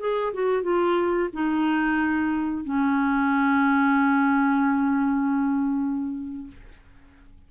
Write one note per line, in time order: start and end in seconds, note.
0.00 0.33 G#4
0.34 0.63 F#4
0.63 1.30 F4
1.34 2.65 D#4
2.65 6.48 C#4